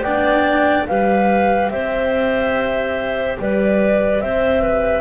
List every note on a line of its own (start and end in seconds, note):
0.00 0.83 B3
0.00 0.87 D4
0.00 0.87 D5
0.00 0.85 G5
0.86 1.71 G3
0.86 5.01 G4
0.86 1.71 B4
0.86 1.69 F5
1.69 3.37 C4
1.69 3.38 C5
1.69 3.36 E5
3.39 4.20 G3
3.39 4.23 B4
3.39 4.20 D5
4.20 5.01 C4
4.20 4.61 C5
4.20 5.01 E5
4.61 5.01 B4